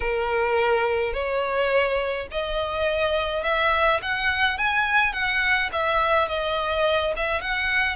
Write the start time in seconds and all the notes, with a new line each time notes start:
0.00 A#4
1.13 C#5
2.31 D#5
3.43 E5
4.02 F#5
4.58 G#5
5.12 F#5
5.72 E5
6.28 D#5
7.16 E5
7.41 F#5